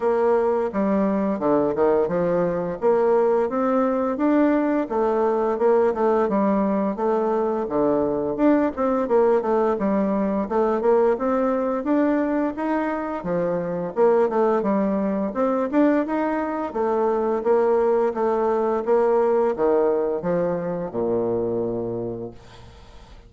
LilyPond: \new Staff \with { instrumentName = "bassoon" } { \time 4/4 \tempo 4 = 86 ais4 g4 d8 dis8 f4 | ais4 c'4 d'4 a4 | ais8 a8 g4 a4 d4 | d'8 c'8 ais8 a8 g4 a8 ais8 |
c'4 d'4 dis'4 f4 | ais8 a8 g4 c'8 d'8 dis'4 | a4 ais4 a4 ais4 | dis4 f4 ais,2 | }